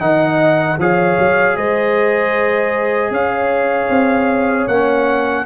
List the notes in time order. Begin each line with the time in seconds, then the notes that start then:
0.00 D#3 D#4 D#5 F#5
0.79 F3 G#4 C#5 F5
1.19 F#3
1.57 G#3 C5 D#5
3.11 C#4 C#5 F5
3.90 C4
4.68 A#3 C#4 F#5